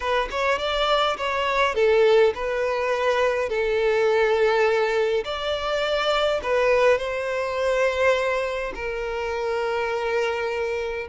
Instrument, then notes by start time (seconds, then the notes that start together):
violin
0.00 B4
0.30 C#5
0.58 D5
1.17 C#5
1.74 A4
2.35 B4
3.49 A4
5.24 D5
6.42 B4
6.98 C5
8.74 A#4